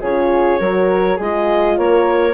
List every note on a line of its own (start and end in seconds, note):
0.00 0.60 C#3
0.00 0.61 F4
0.00 0.59 G#4
0.00 1.20 C#5
0.59 1.19 F#3
0.59 1.20 F#4
0.59 1.16 A#4
1.16 1.77 G#3
1.16 2.34 F4
1.16 1.75 G#4
1.16 1.78 D#5
1.77 2.34 A#3
1.77 2.34 A#4
1.77 2.34 C#5